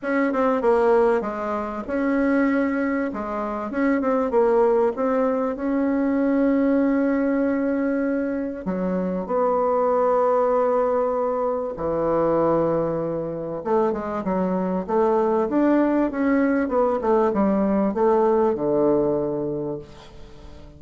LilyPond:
\new Staff \with { instrumentName = "bassoon" } { \time 4/4 \tempo 4 = 97 cis'8 c'8 ais4 gis4 cis'4~ | cis'4 gis4 cis'8 c'8 ais4 | c'4 cis'2.~ | cis'2 fis4 b4~ |
b2. e4~ | e2 a8 gis8 fis4 | a4 d'4 cis'4 b8 a8 | g4 a4 d2 | }